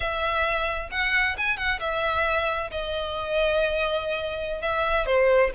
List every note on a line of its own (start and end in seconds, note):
0.00 0.89 E5
0.91 1.36 F#5
1.37 1.57 G#5
1.57 1.79 F#5
1.80 2.70 E5
2.71 4.61 D#5
4.61 5.05 E5
5.05 5.51 C5